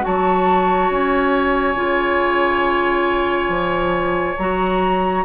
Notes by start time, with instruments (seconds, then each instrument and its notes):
0.00 bassoon F#3, clarinet F#4, oboe C#5, flute A5
0.89 bassoon C#4, flute G#5
1.74 bassoon C#3, clarinet F4
3.48 bassoon F3
4.37 bassoon F#3, clarinet F#4, flute A#5